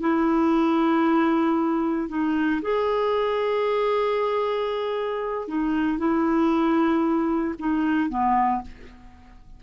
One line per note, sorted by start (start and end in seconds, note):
0.00 2.08 E4
2.08 2.61 D#4
2.61 5.48 G#4
5.48 5.98 D#4
5.98 7.54 E4
7.59 8.09 D#4
8.09 8.61 B3